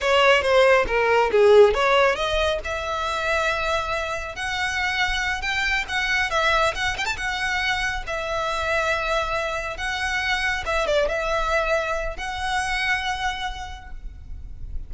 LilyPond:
\new Staff \with { instrumentName = "violin" } { \time 4/4 \tempo 4 = 138 cis''4 c''4 ais'4 gis'4 | cis''4 dis''4 e''2~ | e''2 fis''2~ | fis''8 g''4 fis''4 e''4 fis''8 |
g''16 a''16 fis''2 e''4.~ | e''2~ e''8 fis''4.~ | fis''8 e''8 d''8 e''2~ e''8 | fis''1 | }